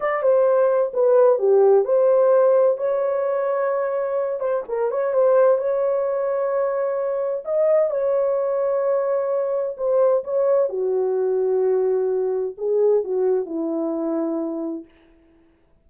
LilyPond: \new Staff \with { instrumentName = "horn" } { \time 4/4 \tempo 4 = 129 d''8 c''4. b'4 g'4 | c''2 cis''2~ | cis''4. c''8 ais'8 cis''8 c''4 | cis''1 |
dis''4 cis''2.~ | cis''4 c''4 cis''4 fis'4~ | fis'2. gis'4 | fis'4 e'2. | }